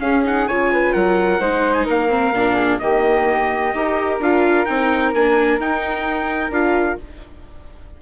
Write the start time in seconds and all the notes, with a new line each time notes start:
0.00 C#4 G#4 F5
0.25 D#4 F#5
0.48 C#3 F4 C#5 G#5
0.73 B4
0.93 F#3 A#4 F#5
1.40 G#3 D#4 C5
1.74 G#5
1.86 A#3 A#4 F5
2.09 C4
2.33 A#2 D4
2.55 G#4
2.79 D#3 A#3 G4 D#5
3.74 D#4 G4 A#4
4.20 D4 F4 F5
4.66 C4 D#4 G5
5.14 A#3 D4 G#5
5.59 D#4 G5
6.50 D4 F4 F5